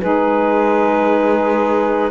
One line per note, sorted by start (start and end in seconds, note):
0.00 2.11 G#3
0.00 2.11 D#4
0.00 2.11 G#4
0.00 2.11 B4